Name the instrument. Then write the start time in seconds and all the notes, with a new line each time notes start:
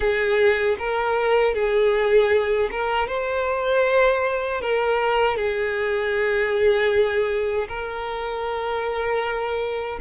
violin
0.00 G#4
0.78 A#4
1.54 G#4
2.71 A#4
3.07 C5
4.61 A#4
5.36 G#4
7.68 A#4